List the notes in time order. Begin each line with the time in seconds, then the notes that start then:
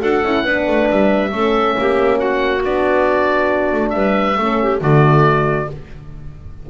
0.00 D4 F#4 A4 F#5
0.24 C#4 E4
0.44 B3 D4 B4
0.67 A3
0.91 G3 E5
1.31 A3 C#4 A4
1.78 A#3 G4
2.17 F#4 F#5
2.64 B3 D4 D5
3.73 A3
3.90 G3 B4 E5
4.38 A3 C#4 A4
4.63 G4
4.80 D3 A3 F#4 D5